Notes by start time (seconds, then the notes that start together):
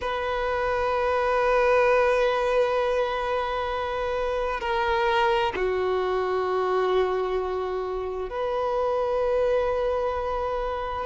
0.01 B4
4.60 A#4
5.56 F#4
8.29 B4